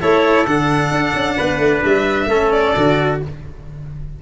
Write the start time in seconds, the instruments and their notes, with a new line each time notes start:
0.00 tuba A3, cello E4, trumpet A4, violin C#5
0.46 tuba D3, cello D4, violin F#5
0.91 tuba D4
1.14 tuba C#4
1.36 tuba B3, trumpet B4
1.58 tuba A3
1.84 tuba G3, violin E5
2.26 tuba A3, cello C#4, trumpet A4
2.52 violin D5
2.76 tuba D3, cello F#4